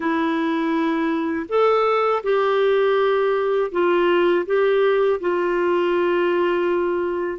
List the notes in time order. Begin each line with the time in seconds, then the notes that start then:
0.00 E4
1.48 A4
2.23 G4
3.71 F4
4.46 G4
5.20 F4